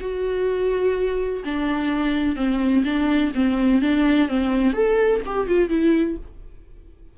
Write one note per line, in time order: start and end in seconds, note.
0.00 1.43 F#4
1.45 2.36 D4
2.36 2.83 C4
2.84 3.32 D4
3.35 3.81 C4
3.81 4.28 D4
4.28 4.73 C4
4.73 5.21 A4
5.25 5.47 G4
5.47 5.69 F4
5.69 6.16 E4